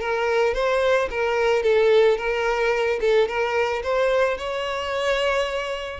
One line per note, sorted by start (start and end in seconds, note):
0.00 0.54 A#4
0.54 1.08 C5
1.10 1.62 A#4
1.62 2.17 A4
2.17 2.99 A#4
3.00 3.28 A4
3.28 3.82 A#4
3.83 4.37 C5
4.37 6.00 C#5